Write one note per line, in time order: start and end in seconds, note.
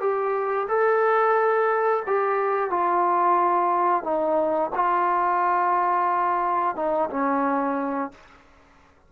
0.00 0.67 G4
0.68 2.03 A4
2.07 2.70 G4
2.70 4.03 F4
4.03 4.70 D#4
4.75 6.76 F4
6.76 7.09 D#4
7.10 8.11 C#4